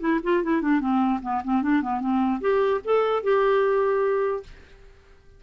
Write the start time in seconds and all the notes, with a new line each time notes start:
0.00 E4
0.23 F4
0.43 E4
0.62 D4
0.80 C4
1.22 B3
1.44 C4
1.63 D4
1.82 B3
2.01 C4
2.41 G4
2.84 A4
3.23 G4